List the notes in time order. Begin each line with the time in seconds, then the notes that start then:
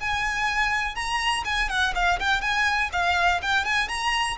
0.00 G#5
0.95 A#5
1.45 G#5
1.69 F#5
1.95 F5
2.20 G5
2.41 G#5
2.92 F5
3.42 G5
3.65 G#5
3.89 A#5